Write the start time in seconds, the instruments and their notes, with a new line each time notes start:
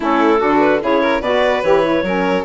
0.00 bassoon A3, saxophone C#4, violin E4, clarinet A4
0.38 bassoon D3, saxophone D4, violin F#4
0.60 clarinet B4
0.81 bassoon C#3, saxophone E4, violin G#4, clarinet C#5
1.01 violin A#4
1.20 bassoon B2, saxophone F#4, violin B4, clarinet D5
1.62 bassoon E3, saxophone G4, clarinet C#5
1.82 saxophone E4
2.03 bassoon F#3, saxophone C#4, violin A#4